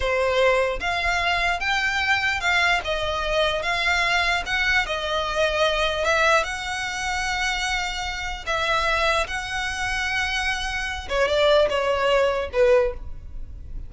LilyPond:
\new Staff \with { instrumentName = "violin" } { \time 4/4 \tempo 4 = 149 c''2 f''2 | g''2 f''4 dis''4~ | dis''4 f''2 fis''4 | dis''2. e''4 |
fis''1~ | fis''4 e''2 fis''4~ | fis''2.~ fis''8 cis''8 | d''4 cis''2 b'4 | }